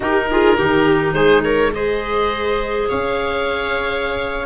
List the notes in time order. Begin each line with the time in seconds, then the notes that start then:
0.00 D#4 G4 A#4
0.30 F4 G#4
0.57 D#3 D#4 G4
1.13 G#3 G#4 C5
1.43 A#4 C#5
1.73 G#4 C5 D#5
2.89 C#4 C#5 F5